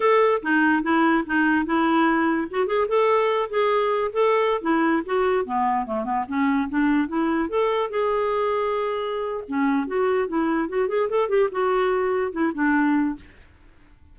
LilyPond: \new Staff \with { instrumentName = "clarinet" } { \time 4/4 \tempo 4 = 146 a'4 dis'4 e'4 dis'4 | e'2 fis'8 gis'8 a'4~ | a'8 gis'4. a'4~ a'16 e'8.~ | e'16 fis'4 b4 a8 b8 cis'8.~ |
cis'16 d'4 e'4 a'4 gis'8.~ | gis'2. cis'4 | fis'4 e'4 fis'8 gis'8 a'8 g'8 | fis'2 e'8 d'4. | }